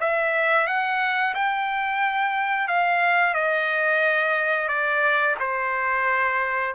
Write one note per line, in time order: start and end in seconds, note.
0.00 0.67 E5
0.67 1.34 F#5
1.35 2.68 G5
2.68 3.34 F5
3.34 4.68 D#5
4.68 5.35 D5
5.40 6.74 C5